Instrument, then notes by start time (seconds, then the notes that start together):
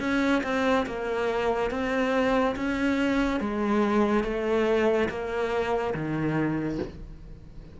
cello
0.00 C#4
0.43 C4
0.86 A#3
1.71 C4
2.56 C#4
3.40 G#3
4.24 A3
5.09 A#3
5.94 D#3